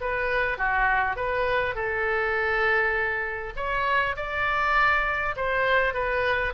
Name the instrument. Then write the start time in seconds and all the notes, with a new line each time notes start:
oboe
0.00 B4
0.57 F#4
1.16 B4
1.75 A4
3.56 C#5
4.16 D5
5.36 C5
5.94 B4